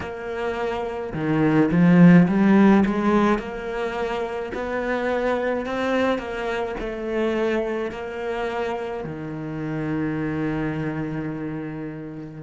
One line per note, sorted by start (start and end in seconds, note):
0.00 1.13 A#3
1.13 1.70 D#3
1.71 2.27 F3
2.27 2.84 G3
2.85 3.39 G#3
3.39 4.52 A#3
4.53 5.66 B3
5.66 6.18 C4
6.18 6.75 A#3
6.79 7.91 A3
7.91 9.04 A#3
9.04 12.43 D#3